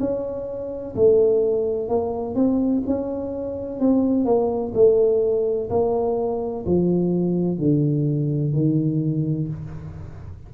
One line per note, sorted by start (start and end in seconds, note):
0.00 0.95 C#4
0.96 1.89 A3
1.89 2.35 A#3
2.35 2.83 C4
2.87 3.81 C#4
3.81 4.25 C4
4.25 4.73 A#3
4.75 5.70 A3
5.71 6.66 A#3
6.66 7.59 F3
7.59 8.53 D3
8.53 9.48 D#3